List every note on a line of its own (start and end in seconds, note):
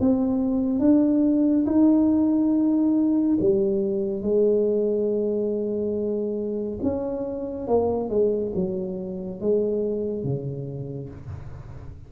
0.00 0.79 C4
0.79 1.65 D4
1.66 3.37 D#4
3.40 4.22 G3
4.22 6.79 G#3
6.83 7.67 C#4
7.67 8.09 A#3
8.09 8.52 G#3
8.55 9.41 F#3
9.41 10.24 G#3
10.24 11.09 C#3